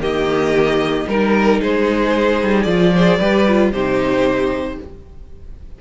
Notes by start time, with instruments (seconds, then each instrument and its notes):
0.00 cello D#3, viola A#3, violin G4 D#5
1.07 cello G3, viola D#4, violin A#4
1.61 cello G#3, violin G#4 C5
2.44 cello G3
2.63 cello F3, viola F4, violin D5
2.95 viola G#4, violin C5
3.19 cello G3, viola G4, violin B4
3.48 viola F4
3.72 cello C3, viola D#4, violin G4 C5